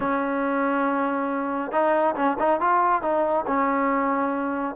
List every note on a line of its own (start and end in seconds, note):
0.00 1.71 C#4
1.71 2.14 D#4
2.15 2.37 C#4
2.39 2.60 D#4
2.60 3.02 F4
3.02 3.45 D#4
3.46 4.75 C#4